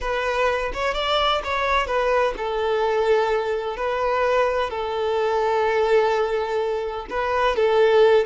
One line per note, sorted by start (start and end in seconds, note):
0.01 0.72 B4
0.73 0.94 C#5
0.94 1.41 D5
1.44 1.86 C#5
1.86 2.34 B4
2.37 3.76 A4
3.76 4.70 B4
4.70 7.06 A4
7.10 7.55 B4
7.55 8.25 A4